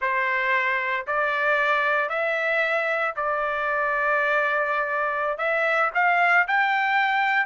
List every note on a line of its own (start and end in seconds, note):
0.01 1.06 C5
1.06 2.09 D5
2.09 3.14 E5
3.16 5.38 D5
5.38 5.90 E5
5.94 6.47 F5
6.47 7.46 G5